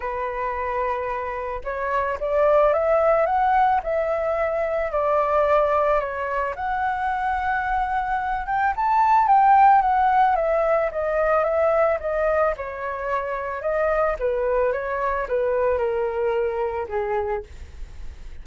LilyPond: \new Staff \with { instrumentName = "flute" } { \time 4/4 \tempo 4 = 110 b'2. cis''4 | d''4 e''4 fis''4 e''4~ | e''4 d''2 cis''4 | fis''2.~ fis''8 g''8 |
a''4 g''4 fis''4 e''4 | dis''4 e''4 dis''4 cis''4~ | cis''4 dis''4 b'4 cis''4 | b'4 ais'2 gis'4 | }